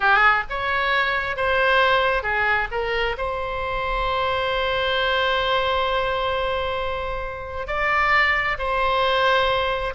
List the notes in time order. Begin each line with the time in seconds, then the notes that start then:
0.00 G#4
0.49 C#5
1.36 C5
2.22 G#4
2.71 A#4
3.17 C5
7.67 D5
8.58 C5